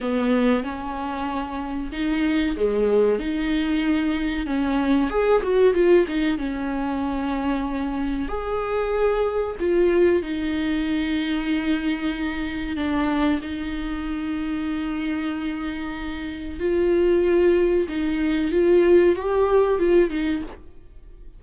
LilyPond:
\new Staff \with { instrumentName = "viola" } { \time 4/4 \tempo 4 = 94 b4 cis'2 dis'4 | gis4 dis'2 cis'4 | gis'8 fis'8 f'8 dis'8 cis'2~ | cis'4 gis'2 f'4 |
dis'1 | d'4 dis'2.~ | dis'2 f'2 | dis'4 f'4 g'4 f'8 dis'8 | }